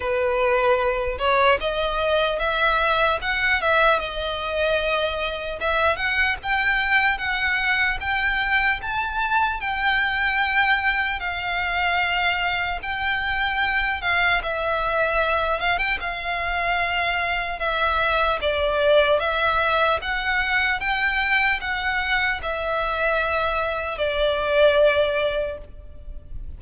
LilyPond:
\new Staff \with { instrumentName = "violin" } { \time 4/4 \tempo 4 = 75 b'4. cis''8 dis''4 e''4 | fis''8 e''8 dis''2 e''8 fis''8 | g''4 fis''4 g''4 a''4 | g''2 f''2 |
g''4. f''8 e''4. f''16 g''16 | f''2 e''4 d''4 | e''4 fis''4 g''4 fis''4 | e''2 d''2 | }